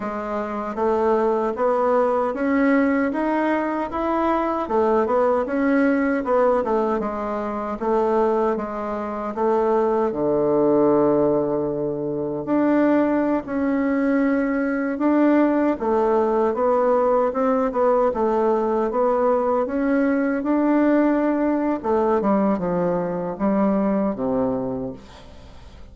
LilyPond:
\new Staff \with { instrumentName = "bassoon" } { \time 4/4 \tempo 4 = 77 gis4 a4 b4 cis'4 | dis'4 e'4 a8 b8 cis'4 | b8 a8 gis4 a4 gis4 | a4 d2. |
d'4~ d'16 cis'2 d'8.~ | d'16 a4 b4 c'8 b8 a8.~ | a16 b4 cis'4 d'4.~ d'16 | a8 g8 f4 g4 c4 | }